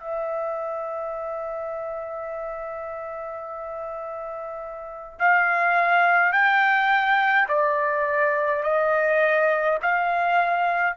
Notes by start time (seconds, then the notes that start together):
0.00 E5
5.20 F5
6.33 G5
7.49 D5
8.63 D#5
9.82 F5